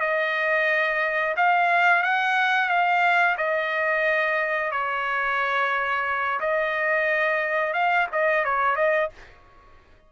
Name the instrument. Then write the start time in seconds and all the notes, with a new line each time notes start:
trumpet
0.00 D#5
1.36 F5
2.03 F#5
2.68 F5
3.37 D#5
4.71 C#5
6.40 D#5
7.73 F5
8.12 D#5
8.44 C#5
8.75 D#5